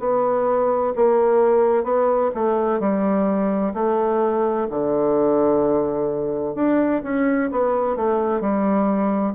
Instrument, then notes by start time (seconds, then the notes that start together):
bassoon
0.00 B3
0.96 A#3
1.84 B3
2.35 A3
2.80 G3
3.74 A3
4.70 D3
6.55 D4
7.04 C#4
7.52 B3
7.96 A3
8.41 G3